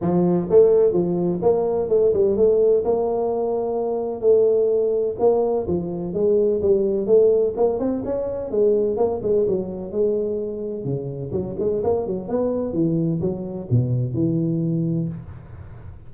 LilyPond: \new Staff \with { instrumentName = "tuba" } { \time 4/4 \tempo 4 = 127 f4 a4 f4 ais4 | a8 g8 a4 ais2~ | ais4 a2 ais4 | f4 gis4 g4 a4 |
ais8 c'8 cis'4 gis4 ais8 gis8 | fis4 gis2 cis4 | fis8 gis8 ais8 fis8 b4 e4 | fis4 b,4 e2 | }